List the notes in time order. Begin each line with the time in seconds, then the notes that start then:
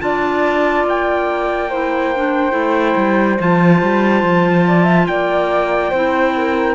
0.00 D4 F4 D5 A5
0.84 A#3 G5
1.70 E4 C5
2.16 D4
2.51 A3 E4
2.96 G3
3.39 F3 F4 A5
3.82 G3
4.23 F3
4.67 D5
4.84 E5
5.07 A#3 D5 G5
5.90 C4 E4 C5
6.37 A#4